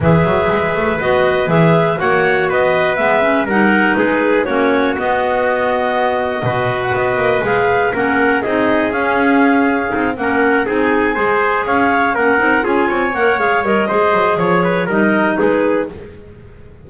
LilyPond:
<<
  \new Staff \with { instrumentName = "clarinet" } { \time 4/4 \tempo 4 = 121 e''2 dis''4 e''4 | fis''4 dis''4 e''4 fis''4 | b'4 cis''4 dis''2~ | dis''4.~ dis''16 fis''16 dis''4 f''4 |
fis''4 dis''4 f''2~ | f''8 fis''4 gis''2 f''8~ | f''8 fis''4 gis''4 fis''8 f''8 dis''8~ | dis''4 cis''4 dis''4 b'4 | }
  \new Staff \with { instrumentName = "trumpet" } { \time 4/4 b'1 | cis''4 b'2 ais'4 | gis'4 fis'2.~ | fis'4 b'2. |
ais'4 gis'2.~ | gis'8 ais'4 gis'4 c''4 cis''8~ | cis''8 ais'4 gis'8 cis''2 | c''4 cis''8 b'8 ais'4 gis'4 | }
  \new Staff \with { instrumentName = "clarinet" } { \time 4/4 gis'2 fis'4 gis'4 | fis'2 b8 cis'8 dis'4~ | dis'4 cis'4 b2~ | b4 fis'2 gis'4 |
cis'4 dis'4 cis'2 | dis'8 cis'4 dis'4 gis'4.~ | gis'8 cis'8 dis'8 f'4 ais'8 gis'8 ais'8 | gis'2 dis'2 | }
  \new Staff \with { instrumentName = "double bass" } { \time 4/4 e8 fis8 gis8 a8 b4 e4 | ais4 b4 gis4 g4 | gis4 ais4 b2~ | b4 b,4 b8 ais8 gis4 |
ais4 c'4 cis'2 | c'8 ais4 c'4 gis4 cis'8~ | cis'8 ais8 c'8 cis'8 c'8 ais8 gis8 g8 | gis8 fis8 f4 g4 gis4 | }
>>